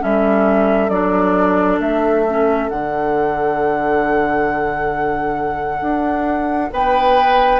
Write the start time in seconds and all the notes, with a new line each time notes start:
0.00 G3 C#4 A4 E5
0.89 F#3 D4 D5
1.79 A3 E5
2.29 C#4
2.69 D3 D4 F#5
5.81 D4
6.72 B3 B4 G5